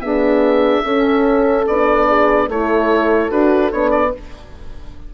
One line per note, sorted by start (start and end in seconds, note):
0.00 0.82 B3
0.00 0.85 D4
0.00 0.85 G#4
0.00 1.66 E5
0.85 1.67 C#4
0.85 2.08 A4
1.67 2.48 B3
1.67 2.51 D4
1.67 2.50 D5
2.09 2.48 G#4
2.48 3.30 A3
2.48 3.30 E4
2.48 4.12 A4
2.48 3.31 C#5
3.30 3.72 D4
3.30 3.72 F#4
3.30 3.72 B4
3.72 4.14 B3
3.72 4.13 D4
3.72 3.91 C#5
3.91 4.11 D5